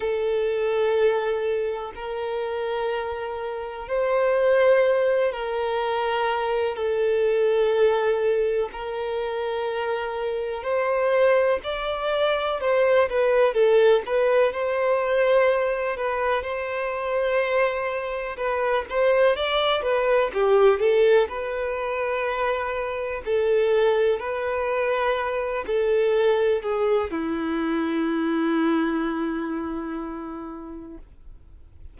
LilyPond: \new Staff \with { instrumentName = "violin" } { \time 4/4 \tempo 4 = 62 a'2 ais'2 | c''4. ais'4. a'4~ | a'4 ais'2 c''4 | d''4 c''8 b'8 a'8 b'8 c''4~ |
c''8 b'8 c''2 b'8 c''8 | d''8 b'8 g'8 a'8 b'2 | a'4 b'4. a'4 gis'8 | e'1 | }